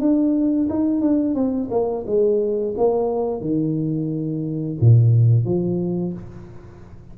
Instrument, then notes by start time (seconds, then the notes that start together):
tuba
0.00 D4
0.69 D#4
1.01 D4
1.35 C4
1.71 A#3
2.06 G#3
2.77 A#3
3.41 D#3
4.81 A#2
5.45 F3